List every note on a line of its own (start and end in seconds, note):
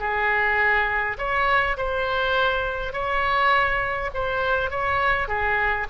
0.00 1.18 G#4
1.18 1.77 C#5
1.78 2.93 C5
2.93 4.11 C#5
4.14 4.71 C5
4.71 5.28 C#5
5.28 5.87 G#4